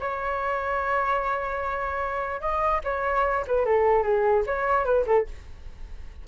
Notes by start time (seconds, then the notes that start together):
0.00 C#5
2.40 D#5
2.84 C#5
3.47 B4
3.65 A4
4.02 G#4
4.46 C#5
4.84 B4
5.06 A4